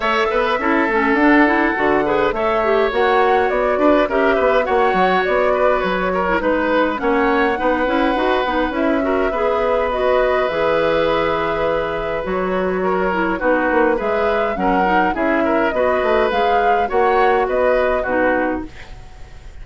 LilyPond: <<
  \new Staff \with { instrumentName = "flute" } { \time 4/4 \tempo 4 = 103 e''2 fis''2 | e''4 fis''4 d''4 e''4 | fis''4 d''4 cis''4 b'4 | fis''2. e''4~ |
e''4 dis''4 e''2~ | e''4 cis''2 b'4 | e''4 fis''4 e''4 dis''4 | f''4 fis''4 dis''4 b'4 | }
  \new Staff \with { instrumentName = "oboe" } { \time 4/4 cis''8 b'8 a'2~ a'8 b'8 | cis''2~ cis''8 b'8 ais'8 b'8 | cis''4. b'4 ais'8 b'4 | cis''4 b'2~ b'8 ais'8 |
b'1~ | b'2 ais'4 fis'4 | b'4 ais'4 gis'8 ais'8 b'4~ | b'4 cis''4 b'4 fis'4 | }
  \new Staff \with { instrumentName = "clarinet" } { \time 4/4 a'4 e'8 cis'8 d'8 e'8 fis'8 gis'8 | a'8 g'8 fis'2 g'4 | fis'2~ fis'8. e'16 dis'4 | cis'4 dis'8 e'8 fis'8 dis'8 e'8 fis'8 |
gis'4 fis'4 gis'2~ | gis'4 fis'4. e'8 dis'4 | gis'4 cis'8 dis'8 e'4 fis'4 | gis'4 fis'2 dis'4 | }
  \new Staff \with { instrumentName = "bassoon" } { \time 4/4 a8 b8 cis'8 a8 d'4 d4 | a4 ais4 b8 d'8 cis'8 b8 | ais8 fis8 b4 fis4 gis4 | ais4 b8 cis'8 dis'8 b8 cis'4 |
b2 e2~ | e4 fis2 b8 ais8 | gis4 fis4 cis'4 b8 a8 | gis4 ais4 b4 b,4 | }
>>